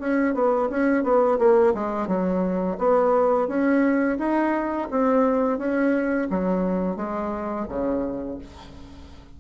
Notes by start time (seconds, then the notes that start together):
0.00 C#4
0.34 B3
0.70 C#4
1.04 B3
1.39 A#3
1.74 G#3
2.07 F#3
2.78 B3
3.48 C#4
4.19 D#4
4.91 C4
5.58 C#4
6.30 F#3
6.96 G#3
7.69 C#3